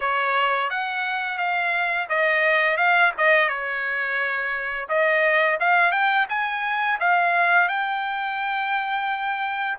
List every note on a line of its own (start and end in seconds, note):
0.00 0.69 C#5
0.70 1.38 F#5
1.38 2.07 F5
2.09 2.77 D#5
2.77 3.12 F5
3.17 3.48 D#5
3.48 4.88 C#5
4.88 5.58 D#5
5.60 5.91 F5
5.91 6.26 G5
6.29 6.99 G#5
7.00 7.68 F5
7.68 9.77 G5